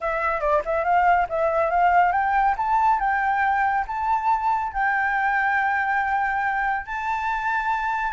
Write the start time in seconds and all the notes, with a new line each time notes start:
0.00 E5
0.40 D5
0.65 E5
0.84 F5
1.29 E5
1.70 F5
2.12 G5
2.57 A5
2.99 G5
3.87 A5
4.72 G5
6.86 A5